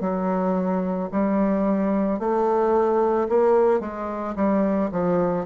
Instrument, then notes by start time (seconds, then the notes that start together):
bassoon
0.00 F#3
1.11 G3
2.19 A3
3.28 A#3
3.80 G#3
4.35 G3
4.91 F3